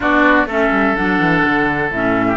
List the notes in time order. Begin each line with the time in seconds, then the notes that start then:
0.00 B3 D4 F#4 D5
0.46 A3 C#4 A4 E5
0.70 G3
0.96 F#3 D4 F#5
1.19 E3
1.45 D3
1.90 A2 C#4 E5
2.27 G4